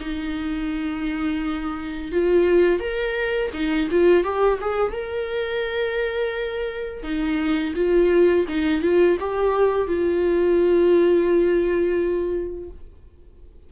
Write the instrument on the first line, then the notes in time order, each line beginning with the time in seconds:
viola
0.00 D#4
2.12 F4
2.80 A#4
3.53 D#4
3.91 F4
4.24 G4
4.61 G#4
4.92 A#4
7.03 D#4
7.76 F4
8.48 D#4
8.82 F4
9.20 G4
9.87 F4